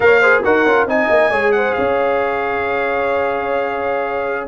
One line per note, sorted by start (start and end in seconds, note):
0.00 0.44 A#3
0.00 0.20 A#4
0.00 0.21 C#5
0.00 0.43 F5
0.21 0.44 G#4
0.21 0.43 C5
0.43 0.65 D#4
0.43 0.65 F#4
0.43 0.87 A#4
0.43 0.87 F#5
0.65 0.85 C#4
0.65 0.88 F4
0.85 1.07 C4
0.85 1.31 D#4
0.85 1.30 D#5
0.85 1.52 G#5
1.10 1.30 A#3
1.30 1.74 G#3
1.30 4.48 G#4
1.30 1.52 C#5
1.52 1.76 C5
1.52 1.73 F#5
1.73 4.48 C#4
1.73 4.48 C#5
1.73 4.47 F5